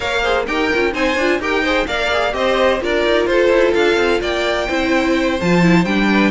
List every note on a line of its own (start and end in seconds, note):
0.00 0.47 A#3
0.00 0.23 A#4
0.00 0.22 C#5
0.00 0.45 F5
0.22 0.47 G#4
0.22 0.45 C5
0.47 0.71 D#4
0.47 0.71 G4
0.47 0.93 A#4
0.47 0.94 G5
0.74 0.94 C#4
0.74 0.93 F4
0.93 1.16 C4
0.93 1.16 D#4
0.93 1.40 C5
0.93 1.41 G#5
1.16 1.39 D4
1.16 1.41 F4
1.39 1.86 D#4
1.39 1.64 G4
1.39 1.63 A#4
1.39 1.87 G5
1.63 1.88 G#4
1.63 1.86 C5
1.87 2.33 A#3
1.87 2.11 A#4
1.87 2.34 D5
1.87 2.33 F5
2.12 2.31 G#4
2.31 2.80 C4
2.31 2.78 G4
2.31 2.82 C5
2.31 2.80 D#5
2.80 3.05 D4
2.80 4.67 F4
2.80 3.29 A#4
2.80 3.26 D5
3.05 3.26 D#4
3.26 3.49 F4
3.26 4.21 A4
3.26 3.73 C5
3.49 3.73 E4
3.73 3.96 D4
3.73 4.20 F5
3.96 4.20 C4
4.21 4.68 A#3
4.21 4.66 D5
4.21 5.39 G5
4.66 5.40 C4
4.66 5.39 E4
4.66 6.07 C5
5.40 5.84 F3
5.40 5.62 F4
5.40 5.84 A5
5.62 5.85 E4
5.84 6.31 G3
5.84 6.31 D4
5.84 6.31 G5
6.11 6.31 B4